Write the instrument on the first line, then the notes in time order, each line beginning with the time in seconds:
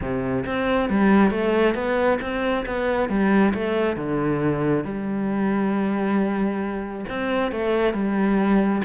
cello
0.01 C3
0.46 C4
0.89 G3
1.30 A3
1.74 B3
2.21 C4
2.66 B3
3.09 G3
3.54 A3
3.96 D3
4.84 G3
7.08 C4
7.51 A3
7.93 G3